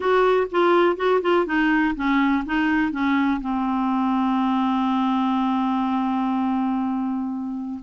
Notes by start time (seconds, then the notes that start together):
0.00 F#4
0.51 F4
0.96 F#4
1.21 F4
1.45 D#4
1.95 C#4
2.45 D#4
2.91 C#4
3.40 C4